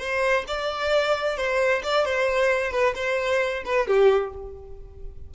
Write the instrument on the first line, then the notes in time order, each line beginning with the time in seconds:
violin
0.00 C5
0.48 D5
1.38 C5
1.84 D5
2.06 C5
2.72 B4
2.96 C5
3.66 B4
3.88 G4